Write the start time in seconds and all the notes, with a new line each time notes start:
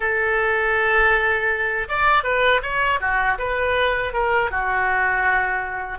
0.00 A4
1.88 D5
2.23 B4
2.62 C#5
3.00 F#4
3.38 B4
4.13 A#4
4.50 F#4